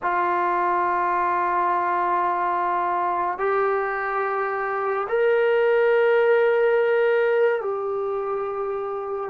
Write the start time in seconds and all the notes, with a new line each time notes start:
0.02 F4
3.38 G4
5.09 A#4
7.61 G4